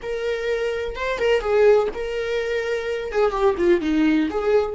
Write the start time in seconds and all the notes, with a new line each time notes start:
0.02 A#4
0.95 C5
1.18 A#4
1.40 G#4
1.94 A#4
3.12 G#4
3.31 G4
3.57 F4
3.81 D#4
4.30 G#4